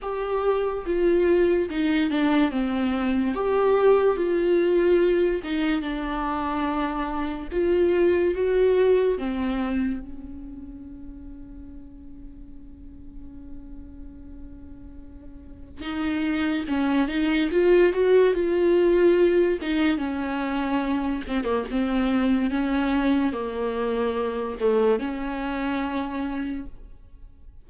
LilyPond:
\new Staff \with { instrumentName = "viola" } { \time 4/4 \tempo 4 = 72 g'4 f'4 dis'8 d'8 c'4 | g'4 f'4. dis'8 d'4~ | d'4 f'4 fis'4 c'4 | cis'1~ |
cis'2. dis'4 | cis'8 dis'8 f'8 fis'8 f'4. dis'8 | cis'4. c'16 ais16 c'4 cis'4 | ais4. a8 cis'2 | }